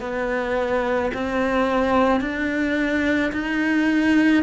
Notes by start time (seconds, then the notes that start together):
0.00 B3
1.14 C4
2.20 D4
3.32 D#4